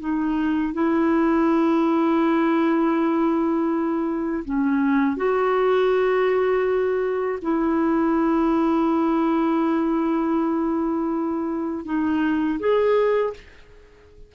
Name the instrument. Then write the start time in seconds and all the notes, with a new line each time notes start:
clarinet
0.00 D#4
0.73 E4
4.44 C#4
5.17 F#4
7.42 E4
11.85 D#4
12.59 G#4